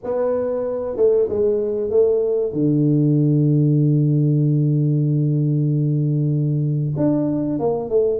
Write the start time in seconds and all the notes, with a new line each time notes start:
0.03 B3
0.96 A3
1.28 G#3
1.89 A3
2.52 D3
6.96 D4
7.59 A#3
7.89 A3